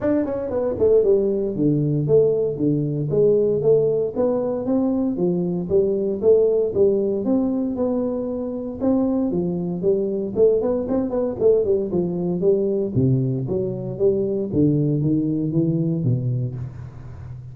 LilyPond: \new Staff \with { instrumentName = "tuba" } { \time 4/4 \tempo 4 = 116 d'8 cis'8 b8 a8 g4 d4 | a4 d4 gis4 a4 | b4 c'4 f4 g4 | a4 g4 c'4 b4~ |
b4 c'4 f4 g4 | a8 b8 c'8 b8 a8 g8 f4 | g4 c4 fis4 g4 | d4 dis4 e4 b,4 | }